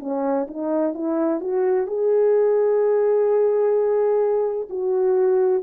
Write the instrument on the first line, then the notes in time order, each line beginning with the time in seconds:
horn
0.00 C#4
0.48 D#4
0.94 E4
1.41 F#4
1.87 G#4
4.70 F#4